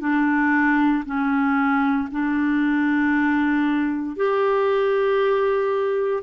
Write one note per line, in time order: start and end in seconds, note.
0.00 1.03 D4
1.05 2.09 C#4
2.11 4.16 D4
4.16 6.23 G4